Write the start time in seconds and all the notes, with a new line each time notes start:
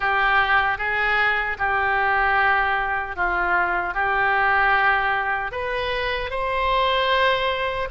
0.00 G4
0.78 G#4
1.58 G4
3.16 F4
3.94 G4
5.51 B4
6.30 C5